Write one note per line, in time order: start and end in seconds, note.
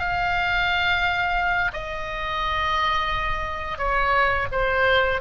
0.00 1.72 F5
1.74 3.79 D#5
3.79 4.48 C#5
4.52 5.21 C5